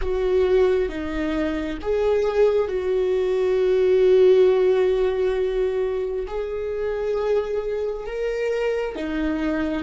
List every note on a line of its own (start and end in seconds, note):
0.01 0.88 F#4
0.88 1.78 D#4
1.81 2.68 G#4
2.68 6.26 F#4
6.27 8.06 G#4
8.06 8.96 A#4
8.96 9.83 D#4